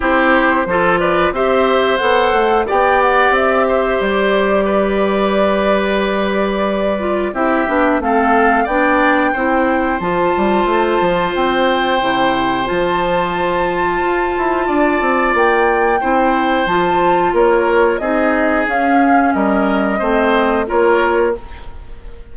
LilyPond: <<
  \new Staff \with { instrumentName = "flute" } { \time 4/4 \tempo 4 = 90 c''4. d''8 e''4 fis''4 | g''8 fis''8 e''4 d''2~ | d''2. e''4 | f''4 g''2 a''4~ |
a''4 g''2 a''4~ | a''2. g''4~ | g''4 a''4 cis''4 dis''4 | f''4 dis''2 cis''4 | }
  \new Staff \with { instrumentName = "oboe" } { \time 4/4 g'4 a'8 b'8 c''2 | d''4. c''4. b'4~ | b'2. g'4 | a'4 d''4 c''2~ |
c''1~ | c''2 d''2 | c''2 ais'4 gis'4~ | gis'4 ais'4 c''4 ais'4 | }
  \new Staff \with { instrumentName = "clarinet" } { \time 4/4 e'4 f'4 g'4 a'4 | g'1~ | g'2~ g'8 f'8 e'8 d'8 | c'4 d'4 e'4 f'4~ |
f'2 e'4 f'4~ | f'1 | e'4 f'2 dis'4 | cis'2 c'4 f'4 | }
  \new Staff \with { instrumentName = "bassoon" } { \time 4/4 c'4 f4 c'4 b8 a8 | b4 c'4 g2~ | g2. c'8 b8 | a4 b4 c'4 f8 g8 |
a8 f8 c'4 c4 f4~ | f4 f'8 e'8 d'8 c'8 ais4 | c'4 f4 ais4 c'4 | cis'4 g4 a4 ais4 | }
>>